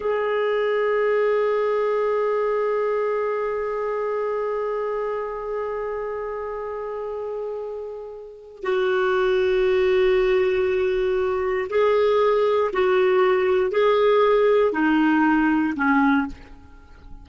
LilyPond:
\new Staff \with { instrumentName = "clarinet" } { \time 4/4 \tempo 4 = 118 gis'1~ | gis'1~ | gis'1~ | gis'1~ |
gis'4 fis'2.~ | fis'2. gis'4~ | gis'4 fis'2 gis'4~ | gis'4 dis'2 cis'4 | }